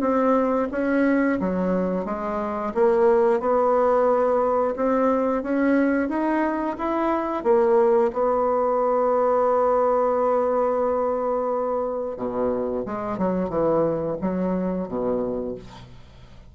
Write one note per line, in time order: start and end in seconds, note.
0.00 0.67 C4
0.71 1.39 C#4
1.39 2.05 F#3
2.05 2.72 G#3
2.74 3.40 A#3
3.40 4.74 B3
4.76 5.42 C4
5.42 6.09 C#4
6.09 6.76 D#4
6.78 7.43 E4
7.43 8.11 A#3
8.13 12.16 B3
12.16 12.84 B2
12.85 13.18 G#3
13.18 13.49 F#3
13.49 14.16 E3
14.21 14.87 F#3
14.87 15.55 B2